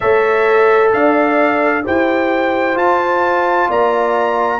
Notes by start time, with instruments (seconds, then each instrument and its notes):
0.00 tuba A3, trombone A4, horn C#5, trumpet E5
0.92 tuba D4, horn D5, trumpet F5
1.83 tuba E4, trombone G4, horn C5, trumpet G5
2.74 trombone F4, tuba F4, trumpet A5
3.69 tuba A#3, horn D5, trumpet A#5